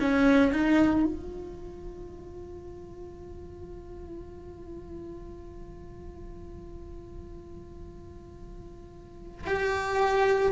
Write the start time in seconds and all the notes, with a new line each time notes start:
0.00 C#4
0.53 D#4
1.05 F4
9.47 G4